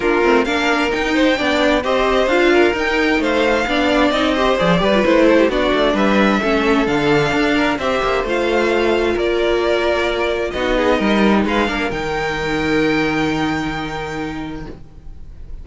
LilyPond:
<<
  \new Staff \with { instrumentName = "violin" } { \time 4/4 \tempo 4 = 131 ais'4 f''4 g''2 | dis''4 f''4 g''4 f''4~ | f''4 dis''4 d''4 c''4 | d''4 e''2 f''4~ |
f''4 e''4 f''2 | d''2. dis''4~ | dis''4 f''4 g''2~ | g''1 | }
  \new Staff \with { instrumentName = "violin" } { \time 4/4 f'4 ais'4. c''8 d''4 | c''4. ais'4. c''4 | d''4. c''4 b'4 a'16 g'16 | fis'4 b'4 a'2~ |
a'8 ais'8 c''2. | ais'2. fis'8 gis'8 | ais'4 b'8 ais'2~ ais'8~ | ais'1 | }
  \new Staff \with { instrumentName = "viola" } { \time 4/4 d'8 c'8 d'4 dis'4 d'4 | g'4 f'4 dis'2 | d'4 dis'8 g'8 gis'8 g'16 f'16 e'4 | d'2 cis'4 d'4~ |
d'4 g'4 f'2~ | f'2. dis'4~ | dis'4. d'8 dis'2~ | dis'1 | }
  \new Staff \with { instrumentName = "cello" } { \time 4/4 ais8 a8 ais4 dis'4 b4 | c'4 d'4 dis'4 a4 | b4 c'4 f8 g8 a4 | b8 a8 g4 a4 d4 |
d'4 c'8 ais8 a2 | ais2. b4 | g4 gis8 ais8 dis2~ | dis1 | }
>>